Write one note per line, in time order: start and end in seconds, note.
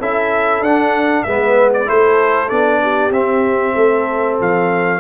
0.00 0.61 C#4
0.00 0.65 E4
0.00 1.25 A4
0.00 0.64 E5
0.61 1.23 D4
0.61 1.27 D4
0.61 1.23 F#5
1.23 1.89 G#3
1.23 1.86 B3
1.23 1.88 B4
1.23 1.70 E5
1.74 1.89 D5
1.86 2.51 A3
1.86 2.48 E4
1.86 2.82 A4
1.86 2.49 C5
2.49 3.11 B3
2.49 3.11 D4
2.49 3.12 D5
2.83 3.75 G4
3.11 3.73 C4
3.11 5.00 C4
3.11 4.38 E5
3.75 4.39 A3
3.75 5.00 A4
4.41 5.00 F3
4.41 5.00 F5